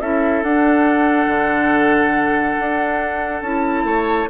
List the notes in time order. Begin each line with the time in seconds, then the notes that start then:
0.00 C#4 E4 A4 E5
0.43 D4 F#5
1.27 D3
2.59 D4
3.42 C#4 E4 A5
3.83 A3 C#5